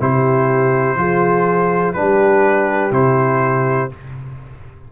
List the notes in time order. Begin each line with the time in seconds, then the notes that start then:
0.00 C3 E4 G4 C5
0.96 F3 F4 G#4
1.94 G3 D4 G4 B4
2.91 C3 E4 C5